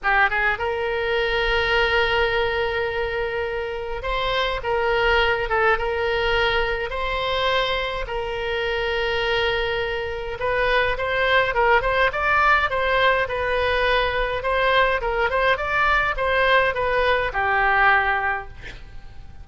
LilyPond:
\new Staff \with { instrumentName = "oboe" } { \time 4/4 \tempo 4 = 104 g'8 gis'8 ais'2.~ | ais'2. c''4 | ais'4. a'8 ais'2 | c''2 ais'2~ |
ais'2 b'4 c''4 | ais'8 c''8 d''4 c''4 b'4~ | b'4 c''4 ais'8 c''8 d''4 | c''4 b'4 g'2 | }